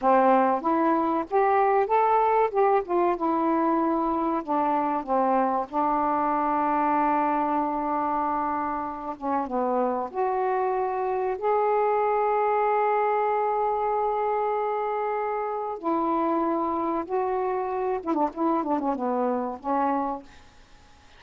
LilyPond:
\new Staff \with { instrumentName = "saxophone" } { \time 4/4 \tempo 4 = 95 c'4 e'4 g'4 a'4 | g'8 f'8 e'2 d'4 | c'4 d'2.~ | d'2~ d'8 cis'8 b4 |
fis'2 gis'2~ | gis'1~ | gis'4 e'2 fis'4~ | fis'8 e'16 d'16 e'8 d'16 cis'16 b4 cis'4 | }